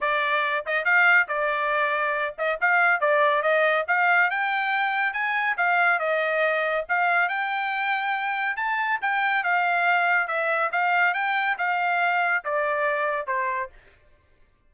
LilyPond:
\new Staff \with { instrumentName = "trumpet" } { \time 4/4 \tempo 4 = 140 d''4. dis''8 f''4 d''4~ | d''4. dis''8 f''4 d''4 | dis''4 f''4 g''2 | gis''4 f''4 dis''2 |
f''4 g''2. | a''4 g''4 f''2 | e''4 f''4 g''4 f''4~ | f''4 d''2 c''4 | }